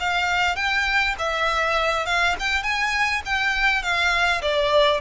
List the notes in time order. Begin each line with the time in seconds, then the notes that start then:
0.00 F5
0.56 G5
1.19 E5
2.06 F5
2.40 G5
2.63 G#5
3.25 G5
3.83 F5
4.42 D5